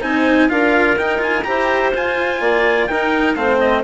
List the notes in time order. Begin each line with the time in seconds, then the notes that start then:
0.00 C4 D#4 C5 G#5
0.49 D4 F4 A#4 F5
0.97 D#4 G5
1.18 F4 G#5
1.43 E4 G4 C5 A#5
1.93 F4 G#5
2.40 A#3 D5
2.86 D#4 A#4 G5
3.35 A3 C4 C5 F5
3.60 D#5